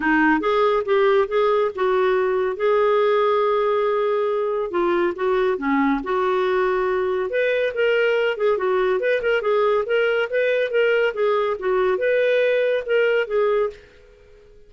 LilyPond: \new Staff \with { instrumentName = "clarinet" } { \time 4/4 \tempo 4 = 140 dis'4 gis'4 g'4 gis'4 | fis'2 gis'2~ | gis'2. f'4 | fis'4 cis'4 fis'2~ |
fis'4 b'4 ais'4. gis'8 | fis'4 b'8 ais'8 gis'4 ais'4 | b'4 ais'4 gis'4 fis'4 | b'2 ais'4 gis'4 | }